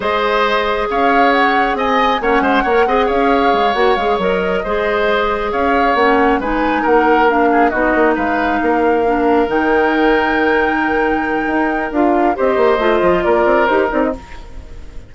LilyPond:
<<
  \new Staff \with { instrumentName = "flute" } { \time 4/4 \tempo 4 = 136 dis''2 f''4 fis''4 | gis''4 fis''2 f''4~ | f''8 fis''8 f''8 dis''2~ dis''8~ | dis''8 f''4 fis''4 gis''4 fis''8~ |
fis''8 f''4 dis''4 f''4.~ | f''4. g''2~ g''8~ | g''2. f''4 | dis''2 d''4 c''8 d''16 dis''16 | }
  \new Staff \with { instrumentName = "oboe" } { \time 4/4 c''2 cis''2 | dis''4 cis''8 c''8 cis''8 dis''8 cis''4~ | cis''2~ cis''8 c''4.~ | c''8 cis''2 b'4 ais'8~ |
ais'4 gis'8 fis'4 b'4 ais'8~ | ais'1~ | ais'1 | c''2 ais'2 | }
  \new Staff \with { instrumentName = "clarinet" } { \time 4/4 gis'1~ | gis'4 cis'4 ais'8 gis'4.~ | gis'8 fis'8 gis'8 ais'4 gis'4.~ | gis'4. cis'4 dis'4.~ |
dis'8 d'4 dis'2~ dis'8~ | dis'8 d'4 dis'2~ dis'8~ | dis'2. f'4 | g'4 f'2 g'8 dis'8 | }
  \new Staff \with { instrumentName = "bassoon" } { \time 4/4 gis2 cis'2 | c'4 ais8 gis8 ais8 c'8 cis'4 | gis8 ais8 gis8 fis4 gis4.~ | gis8 cis'4 ais4 gis4 ais8~ |
ais4. b8 ais8 gis4 ais8~ | ais4. dis2~ dis8~ | dis2 dis'4 d'4 | c'8 ais8 a8 f8 ais8 c'8 dis'8 c'8 | }
>>